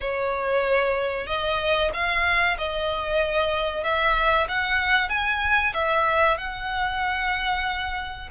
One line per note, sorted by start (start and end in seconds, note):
0.00 1.26 C#5
1.26 1.90 D#5
1.93 2.57 F5
2.58 3.83 D#5
3.83 4.47 E5
4.48 5.09 F#5
5.09 5.73 G#5
5.73 6.37 E5
6.37 8.29 F#5